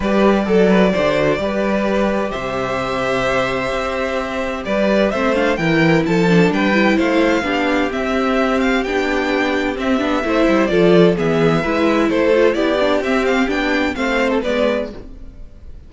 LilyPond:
<<
  \new Staff \with { instrumentName = "violin" } { \time 4/4 \tempo 4 = 129 d''1~ | d''4 e''2.~ | e''2 d''4 e''8 f''8 | g''4 a''4 g''4 f''4~ |
f''4 e''4. f''8 g''4~ | g''4 e''2 d''4 | e''2 c''4 d''4 | e''8 f''8 g''4 f''8. a'16 d''4 | }
  \new Staff \with { instrumentName = "violin" } { \time 4/4 b'4 a'8 b'8 c''4 b'4~ | b'4 c''2.~ | c''2 b'4 c''4 | ais'4 a'4 b'4 c''4 |
g'1~ | g'2 c''4 a'4 | gis'4 b'4 a'4 g'4~ | g'2 c''4 b'4 | }
  \new Staff \with { instrumentName = "viola" } { \time 4/4 g'4 a'4 g'8 fis'8 g'4~ | g'1~ | g'2. c'8 d'8 | e'4. d'4 e'4. |
d'4 c'2 d'4~ | d'4 c'8 d'8 e'4 f'4 | b4 e'4. f'8 e'8 d'8 | c'4 d'4 c'4 b4 | }
  \new Staff \with { instrumentName = "cello" } { \time 4/4 g4 fis4 d4 g4~ | g4 c2. | c'2 g4 a4 | e4 f4 g4 a4 |
b4 c'2 b4~ | b4 c'8 b8 a8 g8 f4 | e4 gis4 a4 b4 | c'4 b4 a4 gis4 | }
>>